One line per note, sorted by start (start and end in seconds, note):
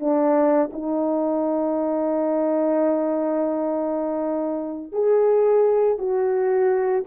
0.00 0.71 D4
0.73 4.93 D#4
4.93 5.98 G#4
5.98 7.04 F#4